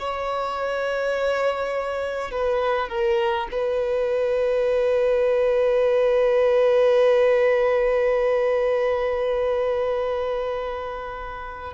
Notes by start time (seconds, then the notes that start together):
0.00 C#5
2.32 B4
2.89 A#4
3.52 B4